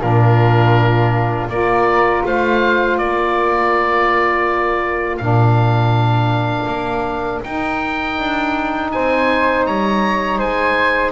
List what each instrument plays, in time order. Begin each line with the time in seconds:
0.00 double bass A#2, saxophone D4, flute F4, oboe A#4
1.48 double bass A#3, saxophone F4, flute A#4, oboe D5
2.25 double bass A3, flute C5, oboe F5
2.97 double bass A#3, flute A#4, oboe D5
5.17 double bass A#2, saxophone D4, oboe F5
6.66 double bass A#3
7.43 double bass D#4, saxophone D#4, oboe G5
8.19 double bass D4
8.91 double bass C4, flute C5, oboe G#5
9.65 double bass G3, flute C#5, oboe A#5
10.38 double bass G#3, flute C5, oboe G#5